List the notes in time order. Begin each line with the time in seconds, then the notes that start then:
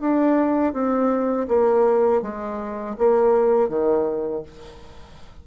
0.00 D4
0.73 C4
1.48 A#3
2.22 G#3
2.98 A#3
3.68 D#3